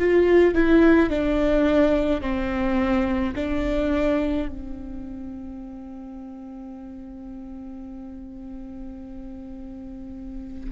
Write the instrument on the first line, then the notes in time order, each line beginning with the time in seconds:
viola
0.00 F4
0.55 E4
1.10 D4
2.22 C4
3.36 D4
4.49 C4